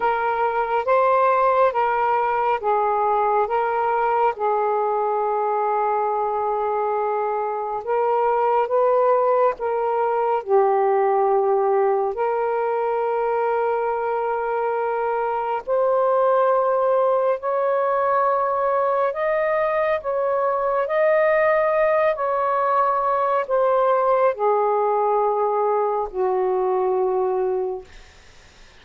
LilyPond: \new Staff \with { instrumentName = "saxophone" } { \time 4/4 \tempo 4 = 69 ais'4 c''4 ais'4 gis'4 | ais'4 gis'2.~ | gis'4 ais'4 b'4 ais'4 | g'2 ais'2~ |
ais'2 c''2 | cis''2 dis''4 cis''4 | dis''4. cis''4. c''4 | gis'2 fis'2 | }